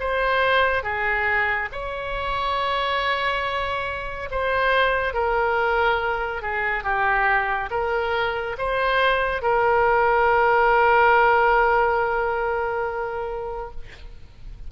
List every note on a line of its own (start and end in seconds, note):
0.00 0.83 C5
0.83 1.69 G#4
1.72 4.29 C#5
4.31 5.14 C5
5.14 6.42 A#4
6.42 6.84 G#4
6.84 7.69 G4
7.71 8.56 A#4
8.58 9.42 C5
9.42 13.71 A#4